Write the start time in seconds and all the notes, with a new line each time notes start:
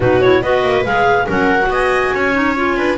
0.00 B2 D#4 F#4 B4
0.21 E4 C#5
0.42 B3 F#4 B4 D#5
0.63 A#3
0.84 G#3 G#4 F5
1.26 F#3 C#4 A#4 F#5
1.61 F#4
1.69 B3 D#5 G#5
2.13 C#4 C#5
2.33 D#4
2.55 F4
2.76 D4 B4